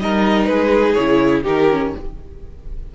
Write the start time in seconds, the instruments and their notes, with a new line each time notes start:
0.00 cello G3, viola D#4, violin A#4 D#5
0.46 cello G#3, violin G#4 B4
0.95 cello C#3, viola E4, violin C#5
1.43 cello D#3, viola D#4, violin G4 A#4
1.72 viola C#4